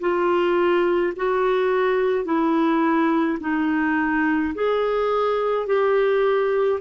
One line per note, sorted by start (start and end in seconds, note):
0.00 1.13 F4
1.16 2.24 F#4
2.24 3.38 E4
3.40 4.53 D#4
4.54 5.66 G#4
5.66 6.79 G4